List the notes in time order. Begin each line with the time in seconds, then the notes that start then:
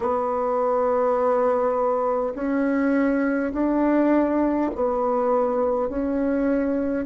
0.00 B3
2.34 C#4
3.52 D4
4.75 B3
5.88 C#4